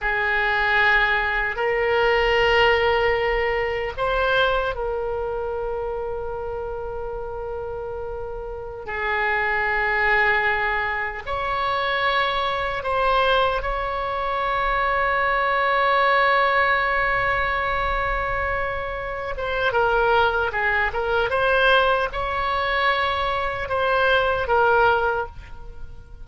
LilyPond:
\new Staff \with { instrumentName = "oboe" } { \time 4/4 \tempo 4 = 76 gis'2 ais'2~ | ais'4 c''4 ais'2~ | ais'2.~ ais'16 gis'8.~ | gis'2~ gis'16 cis''4.~ cis''16~ |
cis''16 c''4 cis''2~ cis''8.~ | cis''1~ | cis''8 c''8 ais'4 gis'8 ais'8 c''4 | cis''2 c''4 ais'4 | }